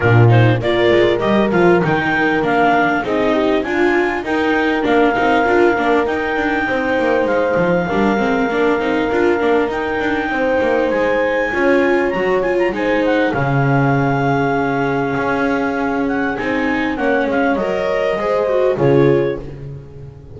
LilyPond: <<
  \new Staff \with { instrumentName = "clarinet" } { \time 4/4 \tempo 4 = 99 ais'8 c''8 d''4 dis''8 f''8 g''4 | f''4 dis''4 gis''4 g''4 | f''2 g''2 | f''1 |
g''2 gis''2 | ais''8 gis''16 ais''16 gis''8 fis''8 f''2~ | f''2~ f''8 fis''8 gis''4 | fis''8 f''8 dis''2 cis''4 | }
  \new Staff \with { instrumentName = "horn" } { \time 4/4 f'4 ais'2.~ | ais'4 gis'8 g'8 f'4 ais'4~ | ais'2. c''4~ | c''4 ais'2.~ |
ais'4 c''2 cis''4~ | cis''4 c''4 gis'2~ | gis'1 | cis''2 c''4 gis'4 | }
  \new Staff \with { instrumentName = "viola" } { \time 4/4 d'8 dis'8 f'4 g'8 f'8 dis'4 | d'4 dis'4 f'4 dis'4 | d'8 dis'8 f'8 d'8 dis'2~ | dis'4 d'8 c'8 d'8 dis'8 f'8 d'8 |
dis'2. f'4 | fis'8 f'8 dis'4 cis'2~ | cis'2. dis'4 | cis'4 ais'4 gis'8 fis'8 f'4 | }
  \new Staff \with { instrumentName = "double bass" } { \time 4/4 ais,4 ais8 gis8 g8 f8 dis4 | ais4 c'4 d'4 dis'4 | ais8 c'8 d'8 ais8 dis'8 d'8 c'8 ais8 | gis8 f8 g8 gis8 ais8 c'8 d'8 ais8 |
dis'8 d'8 c'8 ais8 gis4 cis'4 | fis4 gis4 cis2~ | cis4 cis'2 c'4 | ais8 gis8 fis4 gis4 cis4 | }
>>